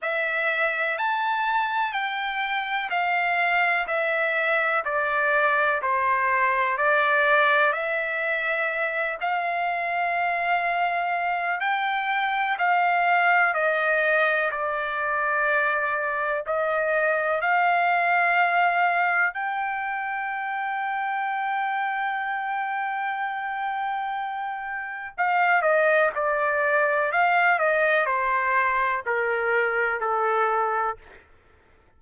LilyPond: \new Staff \with { instrumentName = "trumpet" } { \time 4/4 \tempo 4 = 62 e''4 a''4 g''4 f''4 | e''4 d''4 c''4 d''4 | e''4. f''2~ f''8 | g''4 f''4 dis''4 d''4~ |
d''4 dis''4 f''2 | g''1~ | g''2 f''8 dis''8 d''4 | f''8 dis''8 c''4 ais'4 a'4 | }